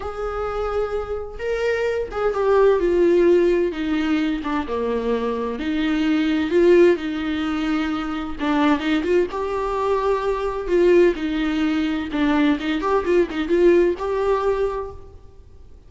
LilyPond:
\new Staff \with { instrumentName = "viola" } { \time 4/4 \tempo 4 = 129 gis'2. ais'4~ | ais'8 gis'8 g'4 f'2 | dis'4. d'8 ais2 | dis'2 f'4 dis'4~ |
dis'2 d'4 dis'8 f'8 | g'2. f'4 | dis'2 d'4 dis'8 g'8 | f'8 dis'8 f'4 g'2 | }